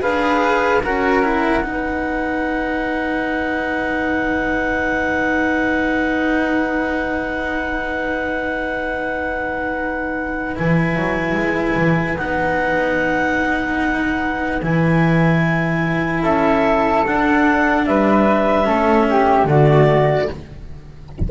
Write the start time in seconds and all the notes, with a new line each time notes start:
0.00 D4 G#4 B4 F5
0.83 C#4 F#4 A#4 F#5
1.22 E4
1.62 B3 D#4 B4
10.55 E3 E4 G#5
10.96 F#3
11.35 G#3
11.76 E3
12.17 B3 D#4 F#5
14.62 E3 E4 G#5
16.22 C#4 A4 E5
17.05 D4 F#5
17.85 G3 B4 E5
18.65 A3 C#4 A4
19.09 G4
19.44 D3 A3 F#4 D5